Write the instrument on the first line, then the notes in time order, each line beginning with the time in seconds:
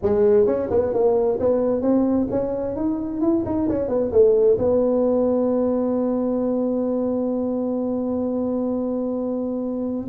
tuba
0.02 G#3
0.46 C#4
0.70 B3
0.93 A#3
1.39 B3
1.81 C4
2.30 C#4
2.76 D#4
3.21 E4
3.45 D#4
3.68 C#4
3.88 B3
4.11 A3
4.58 B3